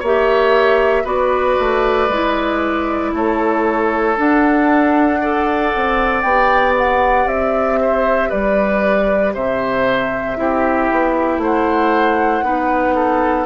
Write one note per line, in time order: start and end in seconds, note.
0.00 1.05 A#3
0.00 1.05 G4
0.00 1.03 C#5
0.00 1.07 E5
1.05 1.57 B3
1.05 2.08 F#4
1.05 3.12 B4
1.05 3.14 D5
1.60 2.09 A3
2.09 3.13 G#3
2.09 4.17 E4
3.14 4.17 A3
3.14 5.21 A4
3.14 4.19 C#5
4.17 5.20 D4
4.17 5.73 D4
4.17 6.22 F#5
5.21 6.24 A4
5.21 7.80 D5
5.76 6.24 C4
6.22 7.26 B3
6.22 10.37 G4
6.22 6.73 G5
6.77 7.28 F#5
7.26 8.30 C4
7.26 8.31 E5
7.82 8.30 C5
8.30 9.36 G3
8.30 9.33 B4
8.30 9.34 D5
9.34 10.38 C3
9.34 10.38 C5
9.34 11.41 E5
10.37 10.90 C4
10.37 12.44 E4
10.37 11.42 G4
10.92 11.38 B3
11.38 12.42 A3
11.38 12.45 C5
11.38 13.46 F#5
12.43 13.46 B3
12.43 13.46 D#4
12.43 12.95 B4
12.95 13.46 A4